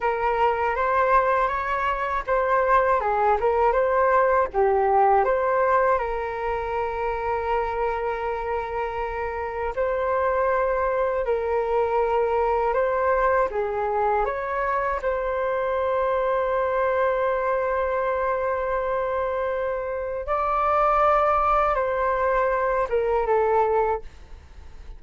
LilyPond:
\new Staff \with { instrumentName = "flute" } { \time 4/4 \tempo 4 = 80 ais'4 c''4 cis''4 c''4 | gis'8 ais'8 c''4 g'4 c''4 | ais'1~ | ais'4 c''2 ais'4~ |
ais'4 c''4 gis'4 cis''4 | c''1~ | c''2. d''4~ | d''4 c''4. ais'8 a'4 | }